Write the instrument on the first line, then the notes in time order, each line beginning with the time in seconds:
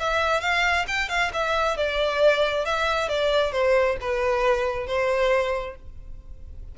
violin
0.00 E5
0.41 F5
0.88 G5
1.09 F5
1.34 E5
1.77 D5
2.65 E5
3.09 D5
3.53 C5
4.01 B4
4.87 C5